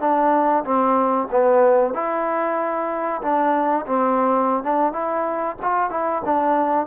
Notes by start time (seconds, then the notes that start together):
0.00 D4
0.64 C4
1.31 B3
1.94 E4
3.22 D4
3.86 C4
4.64 D4
4.93 E4
5.62 F4
5.90 E4
6.25 D4